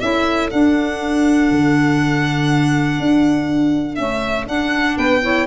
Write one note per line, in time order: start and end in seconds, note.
0.00 0.51 C#4
0.00 0.51 E4
0.00 4.96 A4
0.00 0.50 E5
0.50 3.98 D4
0.50 1.51 D4
0.50 3.95 F#5
1.51 2.99 D3
2.99 3.98 D4
3.95 4.46 A3
3.95 4.47 C#4
3.95 4.44 E5
4.46 5.21 D4
4.46 4.97 D4
4.46 4.97 F#5
4.96 5.46 B3
4.96 5.21 B4
4.96 5.46 G5
5.21 5.46 E4
5.21 5.46 C#5